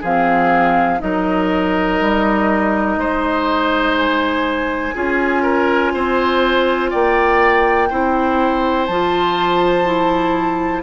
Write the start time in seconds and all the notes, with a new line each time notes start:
0.00 F3 C4 G#4 F5
0.99 F#3 D#4 A#4 D#5
2.01 G3
2.97 G#3 C5
3.98 G#5
4.94 C#4 F4 G#4
5.42 A#4
5.94 C4 C5
6.91 A#3 D5 G5
7.90 C4 E4 C5
8.86 F3 F4 A5
9.84 E4